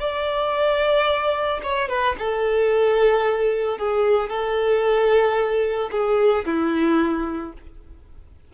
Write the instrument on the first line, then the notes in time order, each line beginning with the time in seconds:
violin
0.00 D5
1.63 C#5
1.88 B4
2.19 A4
3.78 G#4
4.29 A4
5.91 G#4
6.45 E4